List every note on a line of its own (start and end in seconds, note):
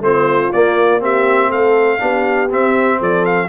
0.00 0.50 A3
0.00 0.53 C4
0.00 1.02 F4
0.00 0.52 C5
0.52 0.99 A#3
0.52 1.51 A#3
0.52 1.02 D5
0.99 1.98 C4
0.99 1.49 G4
0.99 1.51 E5
1.49 2.00 A3
1.49 1.99 A4
1.49 2.50 F5
1.98 2.51 B3
1.98 2.48 D4
1.98 2.98 G4
2.49 3.48 C4
2.49 3.00 C4
2.49 3.02 E5
2.98 3.48 F3
2.98 3.48 A4
2.98 3.25 D5
3.25 3.48 F5